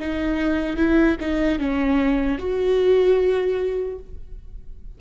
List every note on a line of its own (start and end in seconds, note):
0.00 0.77 D#4
0.77 1.17 E4
1.21 1.59 D#4
1.59 2.39 C#4
2.39 3.99 F#4